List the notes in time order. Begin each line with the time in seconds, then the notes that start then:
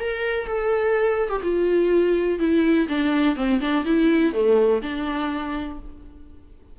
0.00 A#4
0.47 A4
1.30 G4
1.43 F4
2.39 E4
2.89 D4
3.36 C4
3.61 D4
3.85 E4
4.34 A3
4.82 D4